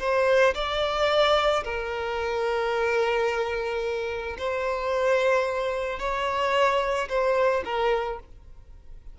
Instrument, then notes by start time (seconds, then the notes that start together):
violin
0.00 C5
0.55 D5
1.64 A#4
4.38 C5
6.00 C#5
7.09 C5
7.65 A#4